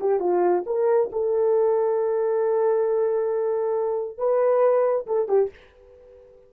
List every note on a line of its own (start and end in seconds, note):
0.00 0.20 G4
0.20 0.64 F4
0.66 1.10 A#4
1.12 4.18 A4
4.18 5.06 B4
5.07 5.28 A4
5.28 5.50 G4